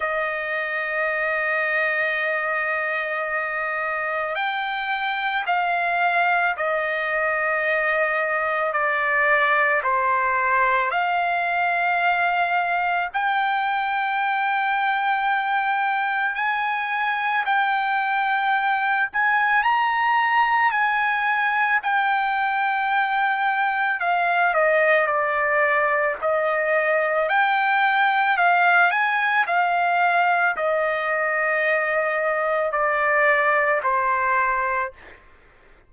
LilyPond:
\new Staff \with { instrumentName = "trumpet" } { \time 4/4 \tempo 4 = 55 dis''1 | g''4 f''4 dis''2 | d''4 c''4 f''2 | g''2. gis''4 |
g''4. gis''8 ais''4 gis''4 | g''2 f''8 dis''8 d''4 | dis''4 g''4 f''8 gis''8 f''4 | dis''2 d''4 c''4 | }